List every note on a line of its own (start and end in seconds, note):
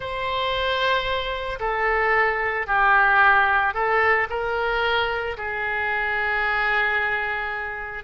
0.00 1.59 C5
1.59 2.66 A4
2.66 3.74 G4
3.74 4.27 A4
4.29 5.36 A#4
5.37 8.04 G#4